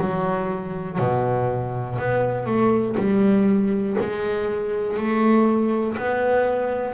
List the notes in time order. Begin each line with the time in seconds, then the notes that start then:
0.00 F#3
0.98 B2
1.99 B3
2.45 A3
2.97 G3
4.00 G#3
4.97 A3
5.97 B3